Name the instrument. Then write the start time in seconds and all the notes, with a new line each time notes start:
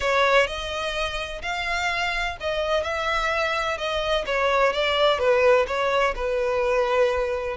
violin
0.00 C#5
0.47 D#5
1.42 F5
2.40 D#5
2.83 E5
3.77 D#5
4.26 C#5
4.72 D5
5.18 B4
5.67 C#5
6.15 B4